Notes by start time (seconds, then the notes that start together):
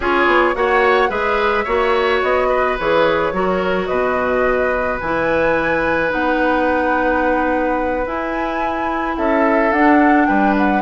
0.00 C#4 F4 G#4 C#5
0.26 B3
0.54 A#3 F#4 C#5 F#5
1.09 G#3 G#4 B4 E5
1.64 A#3 F#4 C#5
2.22 B3 D#5
2.49 B4
2.79 E3 G#4 C#5
3.32 F#3 F#4 A#4
3.86 B2 B4 D#5
5.00 E3 E4 G#5
6.09 B3 D#4 F#5
8.05 E4 G#5
9.17 C#4 A4 E5
9.71 D4 F#5
10.26 G3 B4 G5
10.57 F#5